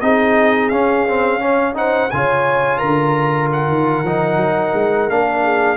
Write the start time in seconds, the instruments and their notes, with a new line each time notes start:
0.00 tuba C4, trombone D#4, horn G#4, trumpet D#5
0.69 tuba C#4, trombone C#4, trumpet F5
1.07 trombone C4
1.39 trombone C#4, horn C#5
1.74 trombone D#4, horn C5, trumpet F#5
2.10 tuba C#3, trombone F4, horn C#5, trumpet G#5
2.78 tuba D3, horn A#4, trumpet A#5
3.52 trumpet F#5
3.68 tuba D#3
4.04 tuba F3, trombone D#4
4.37 tuba F#3
4.74 tuba G#3
5.08 tuba A#3, trombone D4, trumpet F5
5.43 horn G#4